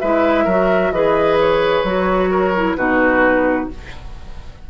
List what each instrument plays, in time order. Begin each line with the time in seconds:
0.00 bassoon G#3, clarinet E4, oboe B4, flute E5
0.45 bassoon F#3, clarinet F#4, oboe A#4
0.92 bassoon E3, clarinet G#4, oboe B4, flute D#5
1.41 flute C#5
1.85 bassoon F#3, clarinet F#4
2.31 oboe A#4
2.56 clarinet E4
2.76 bassoon B2, clarinet D#4, oboe F#4, flute B4